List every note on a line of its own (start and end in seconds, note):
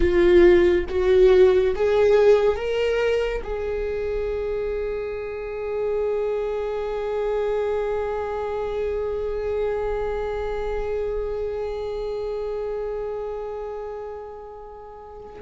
0.00 0.85 F4
0.89 1.75 F#4
1.75 2.56 G#4
2.56 3.41 A#4
3.43 15.41 G#4